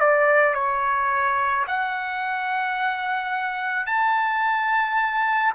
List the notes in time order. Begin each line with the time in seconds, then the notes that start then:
0.00 D5
0.54 C#5
1.67 F#5
3.87 A5